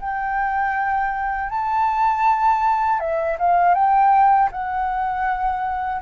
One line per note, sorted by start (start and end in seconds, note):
0.00 1.49 G5
1.49 2.99 A5
2.99 3.37 E5
3.39 3.74 F5
3.74 4.49 G5
4.51 6.01 F#5